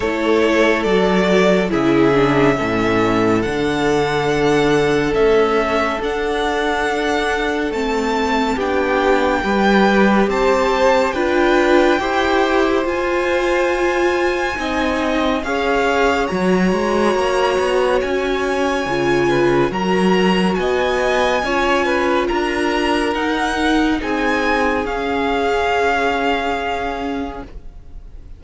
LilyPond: <<
  \new Staff \with { instrumentName = "violin" } { \time 4/4 \tempo 4 = 70 cis''4 d''4 e''2 | fis''2 e''4 fis''4~ | fis''4 a''4 g''2 | a''4 g''2 gis''4~ |
gis''2 f''4 ais''4~ | ais''4 gis''2 ais''4 | gis''2 ais''4 fis''4 | gis''4 f''2. | }
  \new Staff \with { instrumentName = "violin" } { \time 4/4 a'2 gis'4 a'4~ | a'1~ | a'2 g'4 b'4 | c''4 b'4 c''2~ |
c''4 dis''4 cis''2~ | cis''2~ cis''8 b'8 ais'4 | dis''4 cis''8 b'8 ais'2 | gis'1 | }
  \new Staff \with { instrumentName = "viola" } { \time 4/4 e'4 fis'4 e'8 d'8 cis'4 | d'2 a4 d'4~ | d'4 c'4 d'4 g'4~ | g'4 f'4 g'4 f'4~ |
f'4 dis'4 gis'4 fis'4~ | fis'2 f'4 fis'4~ | fis'4 f'2 dis'4~ | dis'4 cis'2. | }
  \new Staff \with { instrumentName = "cello" } { \time 4/4 a4 fis4 cis4 a,4 | d2 cis'4 d'4~ | d'4 a4 b4 g4 | c'4 d'4 e'4 f'4~ |
f'4 c'4 cis'4 fis8 gis8 | ais8 b8 cis'4 cis4 fis4 | b4 cis'4 d'4 dis'4 | c'4 cis'2. | }
>>